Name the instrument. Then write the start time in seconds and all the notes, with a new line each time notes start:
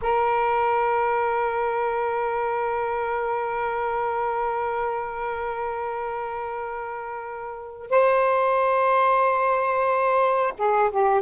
saxophone
0.01 A#4
7.89 C5
10.58 G#4
10.90 G4